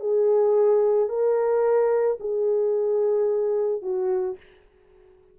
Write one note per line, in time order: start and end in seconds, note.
0.00 1.09 G#4
1.09 2.18 A#4
2.20 3.82 G#4
3.82 4.37 F#4